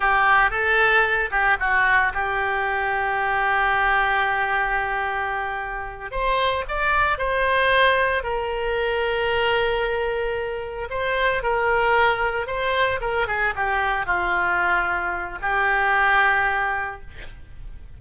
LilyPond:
\new Staff \with { instrumentName = "oboe" } { \time 4/4 \tempo 4 = 113 g'4 a'4. g'8 fis'4 | g'1~ | g'2.~ g'8 c''8~ | c''8 d''4 c''2 ais'8~ |
ais'1~ | ais'8 c''4 ais'2 c''8~ | c''8 ais'8 gis'8 g'4 f'4.~ | f'4 g'2. | }